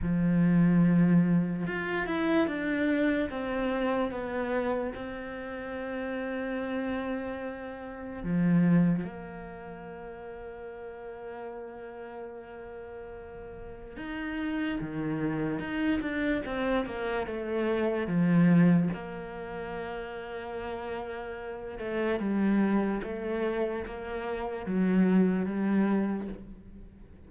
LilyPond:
\new Staff \with { instrumentName = "cello" } { \time 4/4 \tempo 4 = 73 f2 f'8 e'8 d'4 | c'4 b4 c'2~ | c'2 f4 ais4~ | ais1~ |
ais4 dis'4 dis4 dis'8 d'8 | c'8 ais8 a4 f4 ais4~ | ais2~ ais8 a8 g4 | a4 ais4 fis4 g4 | }